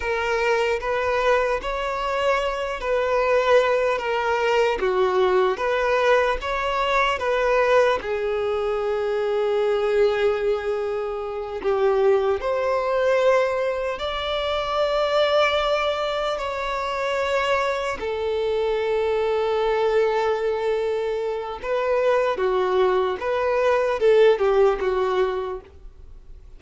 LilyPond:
\new Staff \with { instrumentName = "violin" } { \time 4/4 \tempo 4 = 75 ais'4 b'4 cis''4. b'8~ | b'4 ais'4 fis'4 b'4 | cis''4 b'4 gis'2~ | gis'2~ gis'8 g'4 c''8~ |
c''4. d''2~ d''8~ | d''8 cis''2 a'4.~ | a'2. b'4 | fis'4 b'4 a'8 g'8 fis'4 | }